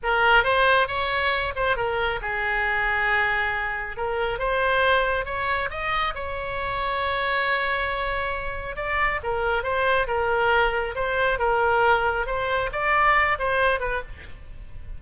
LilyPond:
\new Staff \with { instrumentName = "oboe" } { \time 4/4 \tempo 4 = 137 ais'4 c''4 cis''4. c''8 | ais'4 gis'2.~ | gis'4 ais'4 c''2 | cis''4 dis''4 cis''2~ |
cis''1 | d''4 ais'4 c''4 ais'4~ | ais'4 c''4 ais'2 | c''4 d''4. c''4 b'8 | }